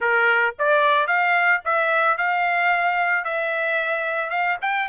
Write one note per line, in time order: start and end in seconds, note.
0.00 0.54 A#4
0.58 1.07 D5
1.07 1.61 F5
1.64 2.17 E5
2.17 3.24 F5
3.24 4.30 E5
4.30 4.57 F5
4.61 4.88 G5